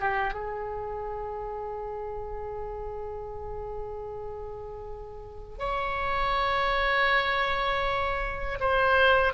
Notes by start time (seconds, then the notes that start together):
0.00 G4
0.34 G#4
5.59 C#5
8.60 C5